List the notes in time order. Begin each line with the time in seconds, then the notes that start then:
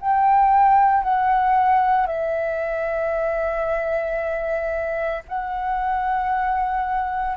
0.00 G5
1.03 F#5
2.07 E5
5.28 F#5